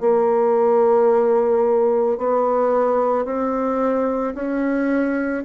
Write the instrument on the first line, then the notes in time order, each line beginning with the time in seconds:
bassoon
0.00 A#3
2.18 B3
3.25 C4
4.34 C#4